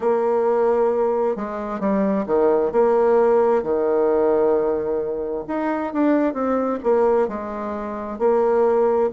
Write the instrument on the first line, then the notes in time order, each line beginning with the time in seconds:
bassoon
0.00 A#3
1.36 G#3
1.79 G3
2.26 D#3
2.72 A#3
3.62 D#3
5.47 D#4
5.93 D4
6.33 C4
6.83 A#3
7.28 G#3
8.19 A#3